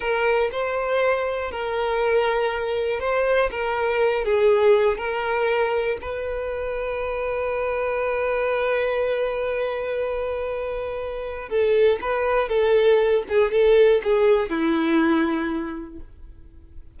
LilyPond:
\new Staff \with { instrumentName = "violin" } { \time 4/4 \tempo 4 = 120 ais'4 c''2 ais'4~ | ais'2 c''4 ais'4~ | ais'8 gis'4. ais'2 | b'1~ |
b'1~ | b'2. a'4 | b'4 a'4. gis'8 a'4 | gis'4 e'2. | }